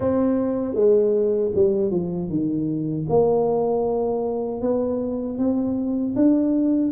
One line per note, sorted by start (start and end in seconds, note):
0.00 0.74 C4
0.74 1.51 G#3
1.55 1.91 G3
1.91 2.29 F3
2.29 3.06 D#3
3.09 4.61 A#3
4.61 5.38 B3
5.38 6.15 C4
6.15 6.92 D4